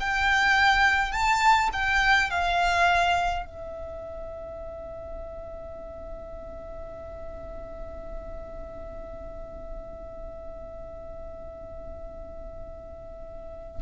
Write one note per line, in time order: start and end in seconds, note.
0.00 1.12 G5
1.12 1.69 A5
1.73 2.30 G5
2.30 3.46 F5
3.46 13.82 E5